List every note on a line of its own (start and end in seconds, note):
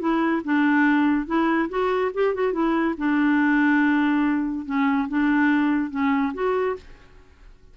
0.00 0.42 E4
0.45 1.27 D4
1.27 1.69 E4
1.70 2.12 F#4
2.14 2.35 G4
2.35 2.53 F#4
2.53 2.95 E4
2.98 4.66 D4
4.66 5.08 C#4
5.09 5.91 D4
5.91 6.33 C#4
6.34 6.76 F#4